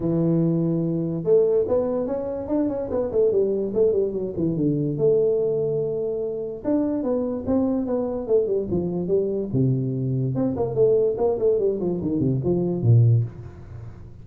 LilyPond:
\new Staff \with { instrumentName = "tuba" } { \time 4/4 \tempo 4 = 145 e2. a4 | b4 cis'4 d'8 cis'8 b8 a8 | g4 a8 g8 fis8 e8 d4 | a1 |
d'4 b4 c'4 b4 | a8 g8 f4 g4 c4~ | c4 c'8 ais8 a4 ais8 a8 | g8 f8 dis8 c8 f4 ais,4 | }